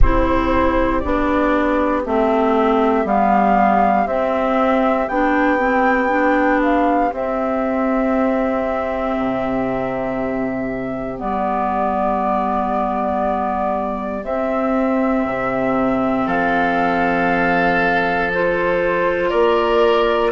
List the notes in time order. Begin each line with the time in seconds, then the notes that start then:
0.00 C4 E4 G4 C5
1.00 B3 D4 D5
2.05 A3 C4 E5
3.04 G3 B3 F5
4.06 C4 E5
5.08 B3 D4 G5
5.58 C4
6.08 D4
6.62 F5
7.12 C4 E5
9.17 C3
11.17 G3 B3 D5
14.23 C4 E5
15.25 C3
16.26 F3 A4 F5
18.33 F4 C5
19.29 A#3 A#4 D5